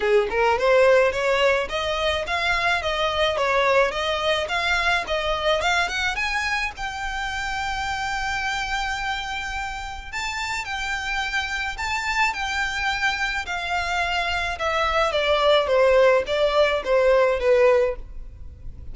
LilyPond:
\new Staff \with { instrumentName = "violin" } { \time 4/4 \tempo 4 = 107 gis'8 ais'8 c''4 cis''4 dis''4 | f''4 dis''4 cis''4 dis''4 | f''4 dis''4 f''8 fis''8 gis''4 | g''1~ |
g''2 a''4 g''4~ | g''4 a''4 g''2 | f''2 e''4 d''4 | c''4 d''4 c''4 b'4 | }